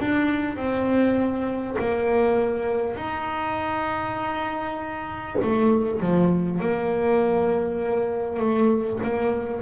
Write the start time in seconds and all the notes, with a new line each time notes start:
0.00 D4
0.56 C4
1.79 A#3
2.96 D#4
5.43 A3
6.00 F3
6.61 A#3
8.39 A3
9.03 A#3